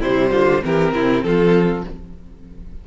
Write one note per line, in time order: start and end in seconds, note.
0.00 0.33 C3
0.00 0.63 G3
0.00 0.31 E4
0.00 0.64 C5
0.31 0.64 D3
0.31 0.62 F4
0.63 0.94 E3
0.63 1.86 C4
0.63 0.95 G4
0.63 1.23 A#4
0.94 1.23 C3
0.94 1.25 E4
1.23 1.85 F3
1.23 1.88 F4
1.23 1.85 A4